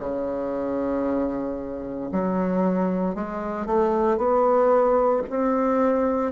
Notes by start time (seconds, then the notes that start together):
0.00 C#3
2.12 F#3
3.15 G#3
3.67 A3
4.18 B3
5.30 C4